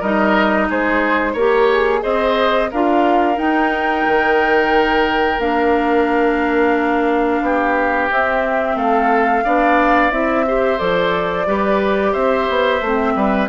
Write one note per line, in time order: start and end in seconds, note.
0.00 0.69 G3
0.00 1.37 D#4
0.00 0.67 A#4
0.00 0.69 D#5
0.70 1.35 G#3
0.70 1.33 G#4
0.70 1.35 C5
1.33 2.02 A#3
1.33 2.01 G4
1.33 1.69 A#4
1.33 2.00 C#5
1.72 2.03 G#4
2.01 2.72 C4
2.01 2.68 G#4
2.01 2.70 C5
2.01 2.70 D#5
2.71 3.38 D4
2.71 3.35 F4
2.71 7.43 A#4
2.71 3.38 F5
3.35 5.37 D#4
3.35 4.05 D#4
3.35 5.40 G5
4.07 5.38 D#3
5.38 7.41 A#3
5.38 8.10 D4
5.38 8.10 F5
7.42 8.09 B3
7.42 8.77 G4
8.11 9.45 C4
8.11 8.76 C4
8.11 8.78 E5
8.76 9.43 A3
8.76 9.44 A4
8.76 10.11 F5
9.44 10.11 B3
9.44 10.12 D4
9.44 10.45 D5
10.11 10.79 C4
10.11 10.45 E4
10.11 10.79 E5
10.47 10.78 G4
10.47 11.47 C5
10.78 11.47 F3
10.78 11.45 A4
10.78 12.14 D5
11.46 12.14 G3
11.46 12.81 G4
11.46 12.12 B4
12.12 12.48 C4
12.12 13.13 C5
12.12 13.48 E5
12.49 12.81 B3
12.81 13.15 A3
12.81 13.49 C4
13.15 13.49 G3
13.15 13.49 B4